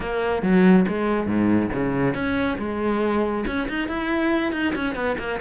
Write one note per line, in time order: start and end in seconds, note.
0.00 0.42 A#3
0.42 0.85 F#3
0.88 1.26 G#3
1.26 1.70 G#2
1.72 2.14 C#3
2.14 2.57 C#4
2.58 3.45 G#3
3.46 3.68 C#4
3.68 3.88 D#4
3.88 4.52 E4
4.52 4.74 D#4
4.75 4.95 C#4
4.95 5.16 B3
5.18 5.40 A#3